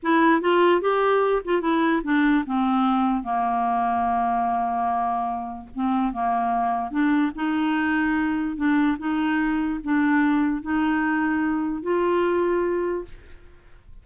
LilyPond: \new Staff \with { instrumentName = "clarinet" } { \time 4/4 \tempo 4 = 147 e'4 f'4 g'4. f'8 | e'4 d'4 c'2 | ais1~ | ais2 c'4 ais4~ |
ais4 d'4 dis'2~ | dis'4 d'4 dis'2 | d'2 dis'2~ | dis'4 f'2. | }